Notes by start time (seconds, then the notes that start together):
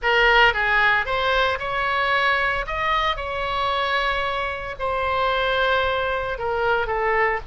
0.02 A#4
0.53 G#4
1.05 C5
1.59 C#5
2.66 D#5
3.16 C#5
4.79 C5
6.38 A#4
6.86 A4